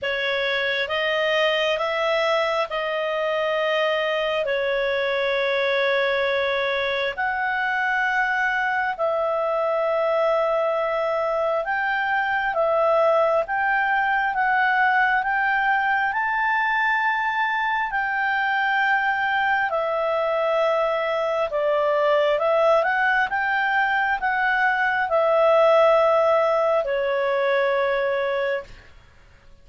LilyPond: \new Staff \with { instrumentName = "clarinet" } { \time 4/4 \tempo 4 = 67 cis''4 dis''4 e''4 dis''4~ | dis''4 cis''2. | fis''2 e''2~ | e''4 g''4 e''4 g''4 |
fis''4 g''4 a''2 | g''2 e''2 | d''4 e''8 fis''8 g''4 fis''4 | e''2 cis''2 | }